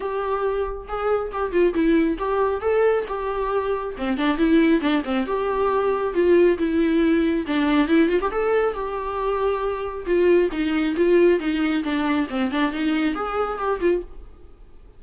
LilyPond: \new Staff \with { instrumentName = "viola" } { \time 4/4 \tempo 4 = 137 g'2 gis'4 g'8 f'8 | e'4 g'4 a'4 g'4~ | g'4 c'8 d'8 e'4 d'8 c'8 | g'2 f'4 e'4~ |
e'4 d'4 e'8 f'16 g'16 a'4 | g'2. f'4 | dis'4 f'4 dis'4 d'4 | c'8 d'8 dis'4 gis'4 g'8 f'8 | }